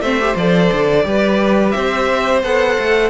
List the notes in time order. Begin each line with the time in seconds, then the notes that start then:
0.00 A3 C4 C5 E5
0.19 G4
0.35 F3 A4 D5
0.72 D3
1.04 G3 G4 B4
1.71 C4 C5 E5
2.43 B3 A4 F#5
2.78 A3